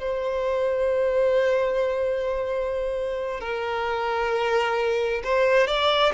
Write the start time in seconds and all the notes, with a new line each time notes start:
0.00 C5
3.41 A#4
5.24 C5
5.67 D5